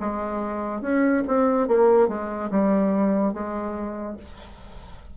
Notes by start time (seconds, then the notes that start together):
0.00 G#3
0.81 C#4
1.27 C4
1.67 A#3
2.08 G#3
2.50 G3
3.33 G#3